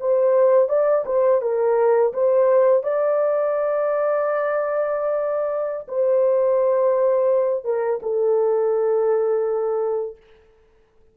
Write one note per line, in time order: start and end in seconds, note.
0.00 0.69 C5
0.69 1.05 D5
1.06 1.42 C5
1.42 2.13 A#4
2.13 2.83 C5
2.83 5.87 D5
5.88 7.65 C5
7.65 8.00 A#4
8.03 10.17 A4